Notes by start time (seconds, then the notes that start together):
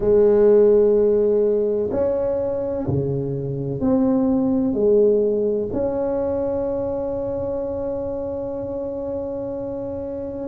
0.00 G#3
1.91 C#4
2.87 C#3
3.80 C4
4.73 G#3
5.72 C#4